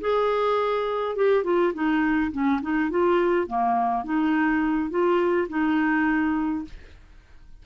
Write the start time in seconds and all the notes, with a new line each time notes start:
0.00 G#4
1.15 G4
1.44 F4
1.74 D#4
2.32 C#4
2.61 D#4
2.90 F4
3.47 A#3
4.04 D#4
4.90 F4
5.49 D#4